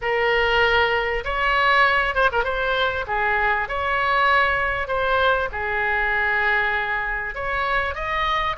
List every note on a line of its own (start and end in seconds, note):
0.01 1.24 A#4
1.24 2.14 C#5
2.14 2.30 C5
2.32 2.44 A#4
2.44 3.05 C5
3.07 3.68 G#4
3.68 4.87 C#5
4.87 5.49 C5
5.52 7.34 G#4
7.34 7.95 C#5
7.95 8.56 D#5